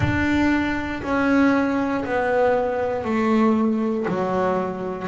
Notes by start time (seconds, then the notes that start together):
0.00 D4
1.02 C#4
2.04 B3
3.04 A3
4.08 F#3